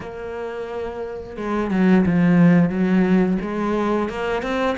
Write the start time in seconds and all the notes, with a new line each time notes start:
0.00 A#3
1.36 G#3
1.70 F#3
2.05 F3
2.69 F#3
3.41 G#3
4.09 A#3
4.42 C4